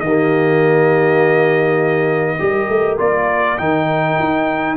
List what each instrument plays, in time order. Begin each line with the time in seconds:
0.00 tuba D#3, trombone A#3, horn G4, trumpet D#5
2.38 tuba G3, trombone G4, horn A#4
2.68 tuba A3
2.98 tuba A#3, trombone F4, trumpet D5
3.58 tuba D#3, trombone D#4, trumpet G5
4.19 tuba D#4